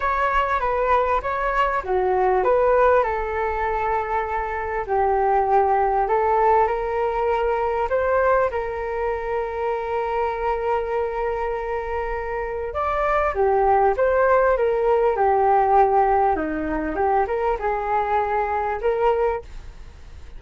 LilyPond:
\new Staff \with { instrumentName = "flute" } { \time 4/4 \tempo 4 = 99 cis''4 b'4 cis''4 fis'4 | b'4 a'2. | g'2 a'4 ais'4~ | ais'4 c''4 ais'2~ |
ais'1~ | ais'4 d''4 g'4 c''4 | ais'4 g'2 dis'4 | g'8 ais'8 gis'2 ais'4 | }